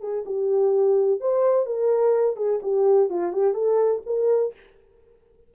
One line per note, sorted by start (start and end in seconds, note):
0.00 0.24 G#4
0.26 1.20 G4
1.20 1.66 C5
1.66 2.36 A#4
2.36 2.60 G#4
2.62 3.10 G4
3.10 3.32 F4
3.32 3.54 G4
3.54 4.01 A4
4.06 4.53 A#4